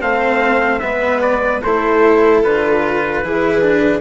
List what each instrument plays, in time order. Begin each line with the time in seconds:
0.00 bassoon A3, cello C4, viola C5, trumpet F5
0.80 bassoon G#3, cello B3, viola B4, trumpet E5
1.21 trumpet D5
1.62 bassoon A3, cello E4, viola A4, trumpet C5
2.43 bassoon D3, cello F4, trumpet B4
3.23 bassoon E3, cello E4, viola G#4
3.61 cello D4